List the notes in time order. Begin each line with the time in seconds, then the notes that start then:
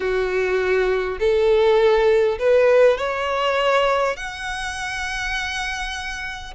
0.00 F#4
1.19 A4
2.38 B4
2.97 C#5
4.16 F#5